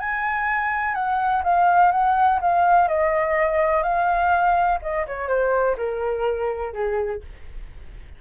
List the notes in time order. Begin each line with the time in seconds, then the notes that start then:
0.00 G#5
0.95 F#5
1.44 F5
1.92 F#5
2.42 F5
2.89 D#5
3.83 F5
4.82 D#5
5.07 C#5
5.28 C5
5.78 A#4
6.74 G#4